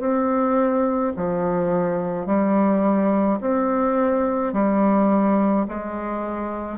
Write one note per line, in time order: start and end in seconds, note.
0.00 1.13 C4
1.17 2.26 F3
2.26 3.40 G3
3.41 4.53 C4
4.53 5.67 G3
5.68 6.78 G#3